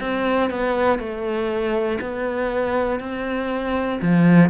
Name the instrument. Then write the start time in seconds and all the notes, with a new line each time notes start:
cello
0.00 C4
0.50 B3
0.99 A3
2.00 B3
3.00 C4
4.01 F3